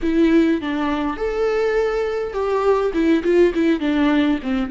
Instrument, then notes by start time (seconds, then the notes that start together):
viola
0.02 E4
0.61 D4
1.16 A4
2.33 G4
2.93 E4
3.23 F4
3.54 E4
3.80 D4
4.43 C4